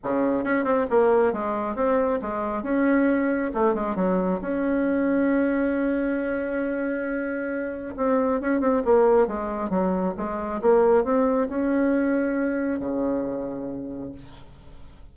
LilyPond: \new Staff \with { instrumentName = "bassoon" } { \time 4/4 \tempo 4 = 136 cis4 cis'8 c'8 ais4 gis4 | c'4 gis4 cis'2 | a8 gis8 fis4 cis'2~ | cis'1~ |
cis'2 c'4 cis'8 c'8 | ais4 gis4 fis4 gis4 | ais4 c'4 cis'2~ | cis'4 cis2. | }